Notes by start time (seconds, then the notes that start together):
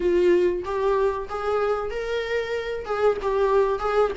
0.00 F4
0.64 G4
1.29 G#4
1.90 A#4
2.85 G#4
3.22 G4
3.79 G#4